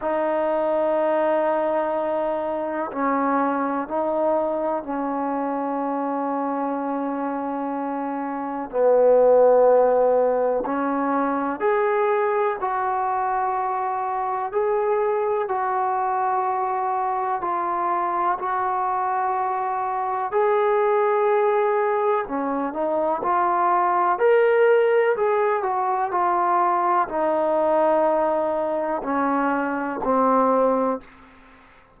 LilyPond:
\new Staff \with { instrumentName = "trombone" } { \time 4/4 \tempo 4 = 62 dis'2. cis'4 | dis'4 cis'2.~ | cis'4 b2 cis'4 | gis'4 fis'2 gis'4 |
fis'2 f'4 fis'4~ | fis'4 gis'2 cis'8 dis'8 | f'4 ais'4 gis'8 fis'8 f'4 | dis'2 cis'4 c'4 | }